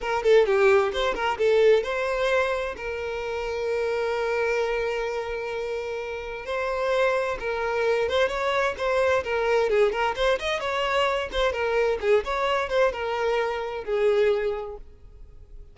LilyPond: \new Staff \with { instrumentName = "violin" } { \time 4/4 \tempo 4 = 130 ais'8 a'8 g'4 c''8 ais'8 a'4 | c''2 ais'2~ | ais'1~ | ais'2 c''2 |
ais'4. c''8 cis''4 c''4 | ais'4 gis'8 ais'8 c''8 dis''8 cis''4~ | cis''8 c''8 ais'4 gis'8 cis''4 c''8 | ais'2 gis'2 | }